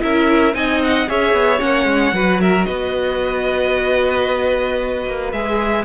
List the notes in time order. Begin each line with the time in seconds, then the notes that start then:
0.00 C#4 E4 A#4 E5
0.53 C4 D#4 D#5 G#5
0.83 F#5
1.07 C#4 G#4 C#5 E5
1.33 B3
1.59 A#3 C#4 F#5
1.85 G#3
2.13 F#3 F#4 B4
2.41 A#4 E5
2.65 B3 B4 D#5
5.07 A#3
5.32 G#3 G#4 E5